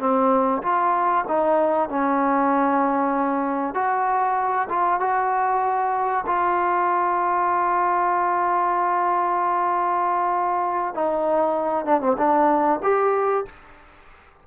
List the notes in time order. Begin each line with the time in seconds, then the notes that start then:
0.00 C4
0.63 F4
1.29 D#4
1.89 C#4
3.75 F#4
4.70 F4
5.00 F#4
6.27 F4
10.95 D#4
11.86 D4
12.01 C4
12.18 D4
12.83 G4